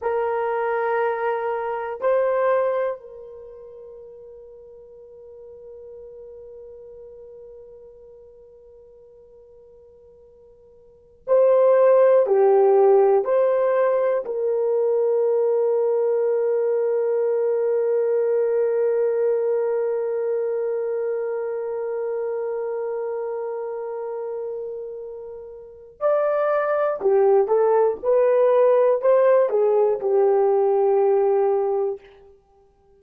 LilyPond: \new Staff \with { instrumentName = "horn" } { \time 4/4 \tempo 4 = 60 ais'2 c''4 ais'4~ | ais'1~ | ais'2.~ ais'16 c''8.~ | c''16 g'4 c''4 ais'4.~ ais'16~ |
ais'1~ | ais'1~ | ais'2 d''4 g'8 a'8 | b'4 c''8 gis'8 g'2 | }